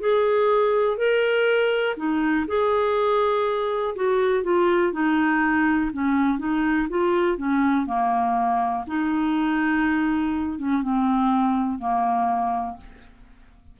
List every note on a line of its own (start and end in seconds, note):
0.00 0.98 G#4
0.98 1.96 A#4
1.97 2.46 D#4
2.48 3.95 G#4
3.96 4.44 F#4
4.44 4.93 F4
4.93 5.91 D#4
5.93 6.39 C#4
6.39 6.88 D#4
6.89 7.38 F4
7.38 7.86 C#4
7.86 8.85 A#3
8.87 10.59 D#4
10.59 10.82 C#4
10.82 11.79 C4
11.79 12.77 A#3